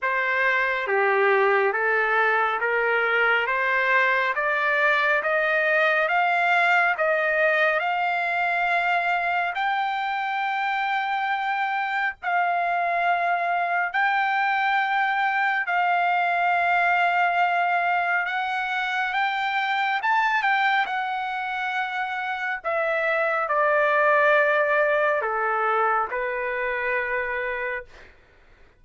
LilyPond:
\new Staff \with { instrumentName = "trumpet" } { \time 4/4 \tempo 4 = 69 c''4 g'4 a'4 ais'4 | c''4 d''4 dis''4 f''4 | dis''4 f''2 g''4~ | g''2 f''2 |
g''2 f''2~ | f''4 fis''4 g''4 a''8 g''8 | fis''2 e''4 d''4~ | d''4 a'4 b'2 | }